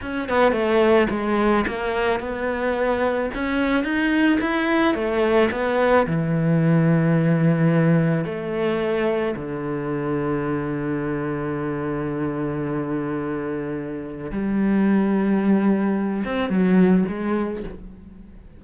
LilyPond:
\new Staff \with { instrumentName = "cello" } { \time 4/4 \tempo 4 = 109 cis'8 b8 a4 gis4 ais4 | b2 cis'4 dis'4 | e'4 a4 b4 e4~ | e2. a4~ |
a4 d2.~ | d1~ | d2 g2~ | g4. c'8 fis4 gis4 | }